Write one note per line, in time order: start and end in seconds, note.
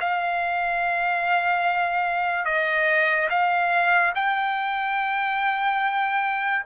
0.00 2.45 F5
2.45 3.28 D#5
3.30 4.13 F5
4.15 6.65 G5